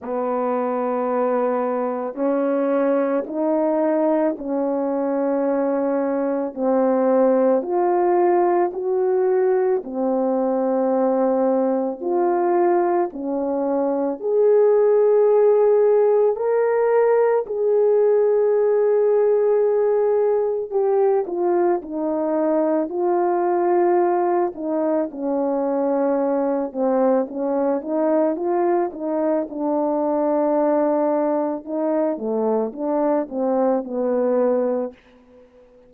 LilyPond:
\new Staff \with { instrumentName = "horn" } { \time 4/4 \tempo 4 = 55 b2 cis'4 dis'4 | cis'2 c'4 f'4 | fis'4 c'2 f'4 | cis'4 gis'2 ais'4 |
gis'2. g'8 f'8 | dis'4 f'4. dis'8 cis'4~ | cis'8 c'8 cis'8 dis'8 f'8 dis'8 d'4~ | d'4 dis'8 a8 d'8 c'8 b4 | }